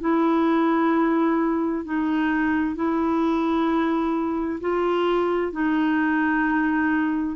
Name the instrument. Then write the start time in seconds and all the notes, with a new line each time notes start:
clarinet
0.00 E4
1.84 D#4
2.75 E4
4.60 F4
5.52 D#4